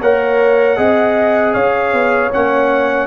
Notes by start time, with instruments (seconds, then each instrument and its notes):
0.00 tuba A#3, trombone A#4, horn C#5, trumpet F#5
0.76 tuba C4, trombone G#4, horn D#5
1.53 tuba C#4, horn C#5, trumpet F5
1.92 tuba B3
2.32 tuba A#3, trombone C#4, trumpet F#5